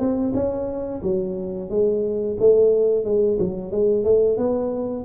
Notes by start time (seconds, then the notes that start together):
0.00 C4
0.35 C#4
1.03 F#3
1.70 G#3
2.40 A3
3.05 G#3
3.40 F#3
3.72 G#3
4.05 A3
4.38 B3